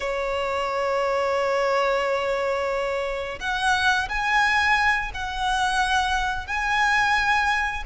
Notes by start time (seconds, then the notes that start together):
0.00 C#5
3.40 F#5
4.08 G#5
5.14 F#5
6.46 G#5